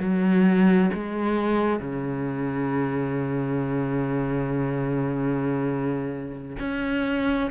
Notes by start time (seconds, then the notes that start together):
0.00 F#3
0.94 G#3
1.80 C#3
6.60 C#4